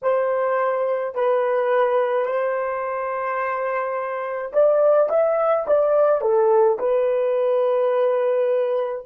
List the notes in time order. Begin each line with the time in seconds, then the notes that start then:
0.02 C5
1.14 B4
2.25 C5
4.53 D5
5.09 E5
5.67 D5
6.21 A4
6.78 B4